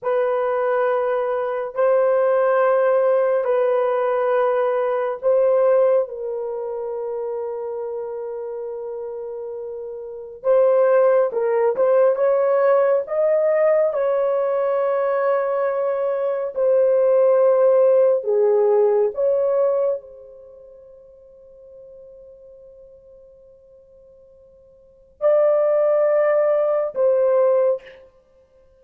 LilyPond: \new Staff \with { instrumentName = "horn" } { \time 4/4 \tempo 4 = 69 b'2 c''2 | b'2 c''4 ais'4~ | ais'1 | c''4 ais'8 c''8 cis''4 dis''4 |
cis''2. c''4~ | c''4 gis'4 cis''4 c''4~ | c''1~ | c''4 d''2 c''4 | }